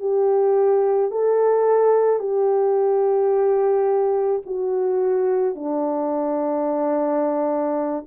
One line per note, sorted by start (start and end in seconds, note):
0.00 1.11 G4
1.11 2.20 A4
2.20 4.42 G4
4.45 5.55 F#4
5.55 8.05 D4